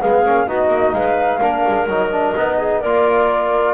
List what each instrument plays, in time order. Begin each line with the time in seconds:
0.00 double bass G#3, trombone B3, clarinet G#4, flute F5
0.24 double bass A#3, trombone C#4
0.46 double bass B3, trombone D#4, clarinet F#4, flute D#5
0.68 double bass A#3
0.92 double bass G#3, clarinet B4, flute F5
1.39 double bass A#3, trombone D4, clarinet A#4
1.68 double bass G#3
1.86 double bass F#3, trombone D#4, flute D#5
2.11 trombone D4
2.36 double bass B3, trombone D#4
2.57 clarinet G#4
2.80 double bass A#3, trombone F4, clarinet A#4, flute D5